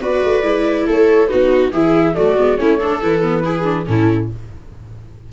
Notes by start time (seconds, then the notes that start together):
0.00 B3 F#4 B4 D5
0.24 A3
0.43 G#3 E4
0.87 A3 A4 C#5
1.27 B3 D#4 F#4 B4
1.72 E3 E4 G#4 E5
2.15 F#3 A3 F#4 D5
2.38 G#3 B3
2.57 A3 C#4 E4 C#5
2.79 D4 A4
3.02 E3 E4 B4
3.22 B3
3.44 E4 G#4
3.63 D4
3.86 A2 C#4 E4 A4